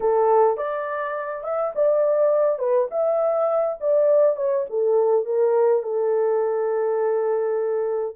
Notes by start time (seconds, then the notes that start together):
0.00 A4
0.57 D5
1.43 E5
1.75 D5
2.58 B4
2.90 E5
3.80 D5
4.36 C#5
4.69 A4
5.25 A#4
5.83 A4